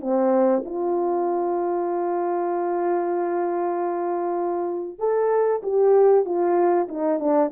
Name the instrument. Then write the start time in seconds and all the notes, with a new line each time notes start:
horn
0.00 C4
0.65 F4
4.99 A4
5.62 G4
6.25 F4
6.88 D#4
7.19 D4